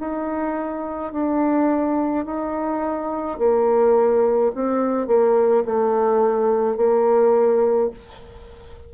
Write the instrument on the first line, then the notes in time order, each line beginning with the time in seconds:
bassoon
0.00 D#4
1.13 D4
2.25 D#4
3.39 A#3
4.55 C4
5.08 A#3
5.66 A3
6.77 A#3